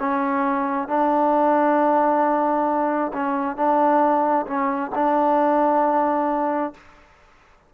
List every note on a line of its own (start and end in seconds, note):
0.00 0.88 C#4
0.88 3.12 D4
3.13 3.57 C#4
3.57 4.47 D4
4.47 4.92 C#4
4.95 6.74 D4